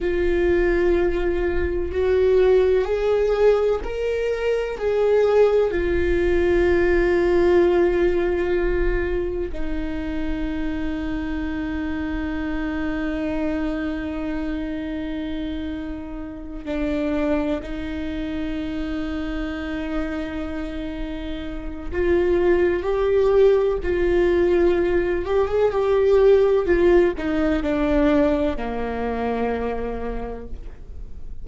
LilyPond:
\new Staff \with { instrumentName = "viola" } { \time 4/4 \tempo 4 = 63 f'2 fis'4 gis'4 | ais'4 gis'4 f'2~ | f'2 dis'2~ | dis'1~ |
dis'4. d'4 dis'4.~ | dis'2. f'4 | g'4 f'4. g'16 gis'16 g'4 | f'8 dis'8 d'4 ais2 | }